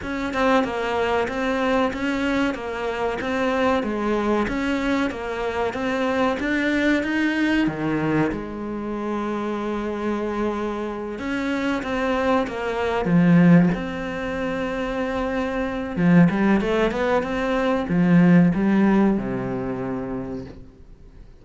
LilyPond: \new Staff \with { instrumentName = "cello" } { \time 4/4 \tempo 4 = 94 cis'8 c'8 ais4 c'4 cis'4 | ais4 c'4 gis4 cis'4 | ais4 c'4 d'4 dis'4 | dis4 gis2.~ |
gis4. cis'4 c'4 ais8~ | ais8 f4 c'2~ c'8~ | c'4 f8 g8 a8 b8 c'4 | f4 g4 c2 | }